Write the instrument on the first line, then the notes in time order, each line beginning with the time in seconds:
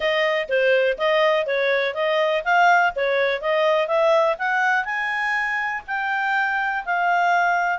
clarinet
0.00 D#5
0.48 C5
0.98 D#5
1.46 C#5
1.94 D#5
2.44 F5
2.95 C#5
3.41 D#5
3.87 E5
4.38 F#5
4.84 G#5
5.87 G5
6.85 F5